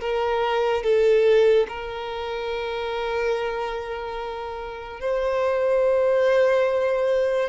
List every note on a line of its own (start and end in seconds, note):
0.00 0.83 A#4
0.83 1.66 A4
1.68 5.00 A#4
5.00 7.49 C5